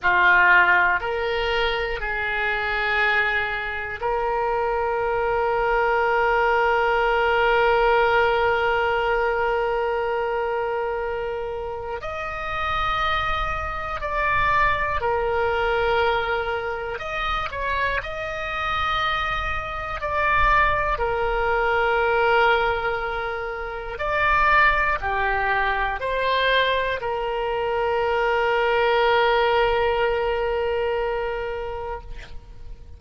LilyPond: \new Staff \with { instrumentName = "oboe" } { \time 4/4 \tempo 4 = 60 f'4 ais'4 gis'2 | ais'1~ | ais'1 | dis''2 d''4 ais'4~ |
ais'4 dis''8 cis''8 dis''2 | d''4 ais'2. | d''4 g'4 c''4 ais'4~ | ais'1 | }